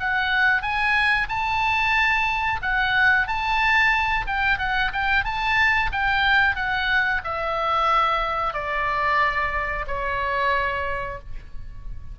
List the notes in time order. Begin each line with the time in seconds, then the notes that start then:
0.00 F#5
0.62 G#5
1.29 A5
2.63 F#5
3.28 A5
4.27 G5
4.59 F#5
4.93 G5
5.25 A5
5.93 G5
6.56 F#5
7.25 E5
8.54 D5
9.88 C#5